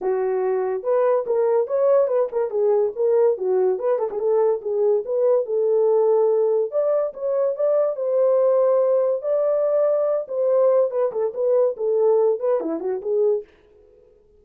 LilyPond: \new Staff \with { instrumentName = "horn" } { \time 4/4 \tempo 4 = 143 fis'2 b'4 ais'4 | cis''4 b'8 ais'8 gis'4 ais'4 | fis'4 b'8 a'16 gis'16 a'4 gis'4 | b'4 a'2. |
d''4 cis''4 d''4 c''4~ | c''2 d''2~ | d''8 c''4. b'8 a'8 b'4 | a'4. b'8 e'8 fis'8 gis'4 | }